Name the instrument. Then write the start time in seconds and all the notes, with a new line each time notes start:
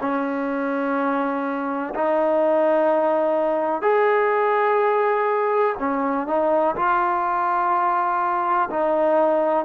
trombone
0.00 C#4
1.94 D#4
3.81 G#4
5.79 C#4
6.27 D#4
6.75 F4
8.70 D#4